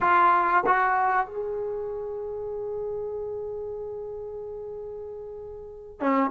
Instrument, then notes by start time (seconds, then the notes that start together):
trombone
0.00 F4
0.66 F#4
1.26 G#4
6.00 C#4